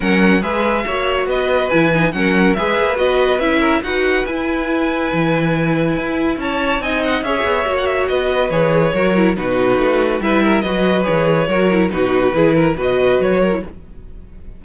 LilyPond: <<
  \new Staff \with { instrumentName = "violin" } { \time 4/4 \tempo 4 = 141 fis''4 e''2 dis''4 | gis''4 fis''4 e''4 dis''4 | e''4 fis''4 gis''2~ | gis''2. a''4 |
gis''8 fis''8 e''4~ e''16 fis''16 e''8 dis''4 | cis''2 b'2 | e''4 dis''4 cis''2 | b'2 dis''4 cis''4 | }
  \new Staff \with { instrumentName = "violin" } { \time 4/4 ais'4 b'4 cis''4 b'4~ | b'4 ais'4 b'2~ | b'8 ais'8 b'2.~ | b'2. cis''4 |
dis''4 cis''2 b'4~ | b'4 ais'4 fis'2 | b'8 ais'8 b'2 ais'4 | fis'4 gis'8 ais'8 b'4. ais'8 | }
  \new Staff \with { instrumentName = "viola" } { \time 4/4 cis'4 gis'4 fis'2 | e'8 dis'8 cis'4 gis'4 fis'4 | e'4 fis'4 e'2~ | e'1 |
dis'4 gis'4 fis'2 | gis'4 fis'8 e'8 dis'2 | e'4 fis'4 gis'4 fis'8 e'8 | dis'4 e'4 fis'4.~ fis'16 e'16 | }
  \new Staff \with { instrumentName = "cello" } { \time 4/4 fis4 gis4 ais4 b4 | e4 fis4 gis8 ais8 b4 | cis'4 dis'4 e'2 | e2 e'4 cis'4 |
c'4 cis'8 b8 ais4 b4 | e4 fis4 b,4 a4 | g4 fis4 e4 fis4 | b,4 e4 b,4 fis4 | }
>>